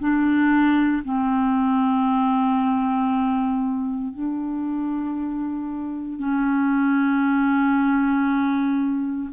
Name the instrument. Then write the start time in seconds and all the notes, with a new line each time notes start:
clarinet
0.00 D4
1.05 C4
4.14 D4
6.19 C#4